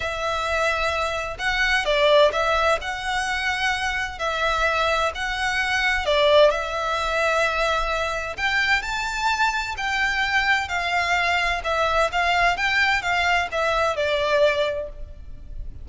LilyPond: \new Staff \with { instrumentName = "violin" } { \time 4/4 \tempo 4 = 129 e''2. fis''4 | d''4 e''4 fis''2~ | fis''4 e''2 fis''4~ | fis''4 d''4 e''2~ |
e''2 g''4 a''4~ | a''4 g''2 f''4~ | f''4 e''4 f''4 g''4 | f''4 e''4 d''2 | }